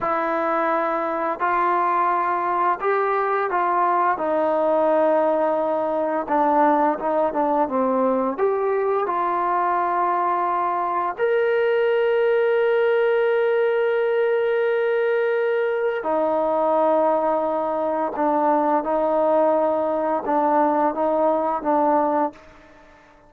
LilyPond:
\new Staff \with { instrumentName = "trombone" } { \time 4/4 \tempo 4 = 86 e'2 f'2 | g'4 f'4 dis'2~ | dis'4 d'4 dis'8 d'8 c'4 | g'4 f'2. |
ais'1~ | ais'2. dis'4~ | dis'2 d'4 dis'4~ | dis'4 d'4 dis'4 d'4 | }